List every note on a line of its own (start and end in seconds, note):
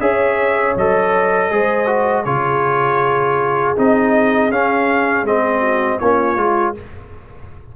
0.00 0.75 C#4
0.00 0.75 G#4
0.00 1.51 C#5
0.00 0.75 E5
0.76 1.50 F#3
0.76 1.51 A4
0.76 2.24 D#5
1.50 2.25 G#3
1.50 1.86 G#4
1.50 2.24 C5
1.86 2.23 F#4
2.24 3.75 C#3
2.24 3.76 F4
2.24 5.60 G#4
2.24 3.74 C#5
3.76 4.49 C4
3.76 4.51 D#4
3.76 4.51 D#5
4.49 5.23 C#4
4.49 5.26 C#4
4.49 5.26 F5
5.23 5.98 G#3
5.23 6.01 C4
5.23 5.99 D#5
5.60 5.98 F#4
5.99 6.36 A#3
5.99 6.37 C#4
5.99 6.75 F4
5.99 6.74 C#5
6.36 6.74 G#3
6.36 6.74 F4